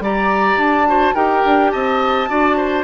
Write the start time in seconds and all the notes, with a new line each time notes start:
0.00 G3 G4 D5 A#5
0.57 D4 A5
0.87 F#4 C5
1.15 D#4 G4 A#4 G5
1.45 D4
1.71 C4 D#5 A5
2.29 D4 F#4 D5
2.57 C5